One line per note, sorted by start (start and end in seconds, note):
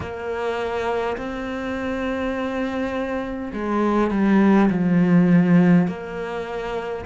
0.00 1.17 A#3
1.17 3.52 C4
3.53 4.11 G#3
4.11 4.70 G3
4.70 5.87 F3
5.87 7.05 A#3